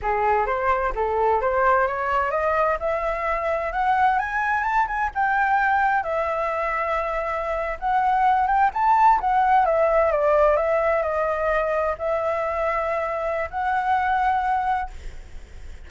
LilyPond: \new Staff \with { instrumentName = "flute" } { \time 4/4 \tempo 4 = 129 gis'4 c''4 a'4 c''4 | cis''4 dis''4 e''2 | fis''4 gis''4 a''8 gis''8 g''4~ | g''4 e''2.~ |
e''8. fis''4. g''8 a''4 fis''16~ | fis''8. e''4 d''4 e''4 dis''16~ | dis''4.~ dis''16 e''2~ e''16~ | e''4 fis''2. | }